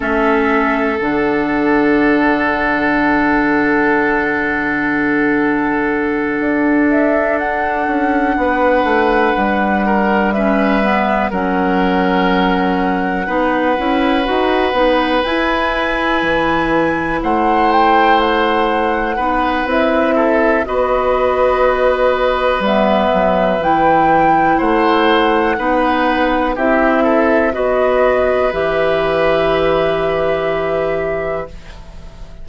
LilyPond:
<<
  \new Staff \with { instrumentName = "flute" } { \time 4/4 \tempo 4 = 61 e''4 fis''2.~ | fis''2. e''8 fis''8~ | fis''2~ fis''8 e''4 fis''8~ | fis''2.~ fis''8 gis''8~ |
gis''4. fis''8 g''8 fis''4. | e''4 dis''2 e''4 | g''4 fis''2 e''4 | dis''4 e''2. | }
  \new Staff \with { instrumentName = "oboe" } { \time 4/4 a'1~ | a'1~ | a'8 b'4. ais'8 b'4 ais'8~ | ais'4. b'2~ b'8~ |
b'4. c''2 b'8~ | b'8 a'8 b'2.~ | b'4 c''4 b'4 g'8 a'8 | b'1 | }
  \new Staff \with { instrumentName = "clarinet" } { \time 4/4 cis'4 d'2.~ | d'1~ | d'2~ d'8 cis'8 b8 cis'8~ | cis'4. dis'8 e'8 fis'8 dis'8 e'8~ |
e'2.~ e'8 dis'8 | e'4 fis'2 b4 | e'2 dis'4 e'4 | fis'4 g'2. | }
  \new Staff \with { instrumentName = "bassoon" } { \time 4/4 a4 d2.~ | d2~ d8 d'4. | cis'8 b8 a8 g2 fis8~ | fis4. b8 cis'8 dis'8 b8 e'8~ |
e'8 e4 a2 b8 | c'4 b2 g8 fis8 | e4 a4 b4 c'4 | b4 e2. | }
>>